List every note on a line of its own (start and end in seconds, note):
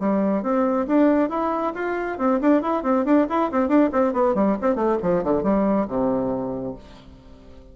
0.00 0.43 G3
0.43 0.86 C4
0.88 1.30 D4
1.30 1.73 E4
1.75 2.18 F4
2.18 2.40 C4
2.41 2.62 D4
2.62 2.83 E4
2.83 3.05 C4
3.05 3.27 D4
3.30 3.51 E4
3.52 3.68 C4
3.68 3.90 D4
3.92 4.13 C4
4.13 4.35 B3
4.35 4.57 G3
4.62 4.75 C4
4.75 4.97 A3
5.02 5.24 F3
5.24 5.43 D3
5.43 5.87 G3
5.88 6.75 C3